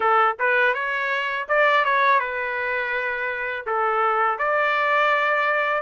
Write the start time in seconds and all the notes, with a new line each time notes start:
0.00 A4
0.39 B4
0.74 C#5
1.48 D5
1.85 C#5
2.19 B4
3.66 A4
4.38 D5